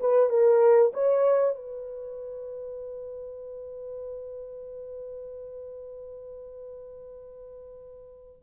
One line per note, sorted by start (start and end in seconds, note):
0.00 0.30 B4
0.30 0.92 A#4
0.94 1.55 C#5
1.55 8.42 B4